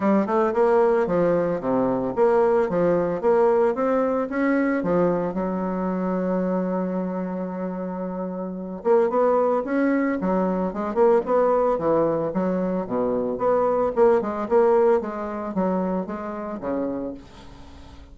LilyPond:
\new Staff \with { instrumentName = "bassoon" } { \time 4/4 \tempo 4 = 112 g8 a8 ais4 f4 c4 | ais4 f4 ais4 c'4 | cis'4 f4 fis2~ | fis1~ |
fis8 ais8 b4 cis'4 fis4 | gis8 ais8 b4 e4 fis4 | b,4 b4 ais8 gis8 ais4 | gis4 fis4 gis4 cis4 | }